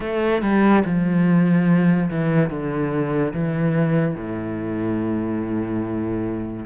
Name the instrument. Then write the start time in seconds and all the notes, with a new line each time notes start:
cello
0.00 A3
0.42 G3
0.84 F3
2.10 E3
2.50 D3
3.33 E3
4.15 A2